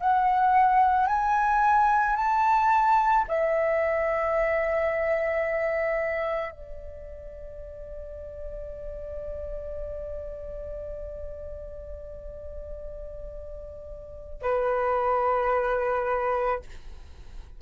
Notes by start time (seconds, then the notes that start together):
0.00 F#5
1.07 G#5
2.16 A5
3.28 E5
6.51 D5
14.42 B4